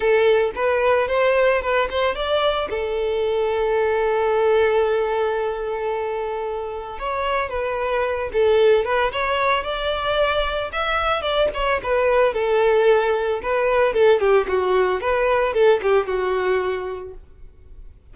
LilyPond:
\new Staff \with { instrumentName = "violin" } { \time 4/4 \tempo 4 = 112 a'4 b'4 c''4 b'8 c''8 | d''4 a'2.~ | a'1~ | a'4 cis''4 b'4. a'8~ |
a'8 b'8 cis''4 d''2 | e''4 d''8 cis''8 b'4 a'4~ | a'4 b'4 a'8 g'8 fis'4 | b'4 a'8 g'8 fis'2 | }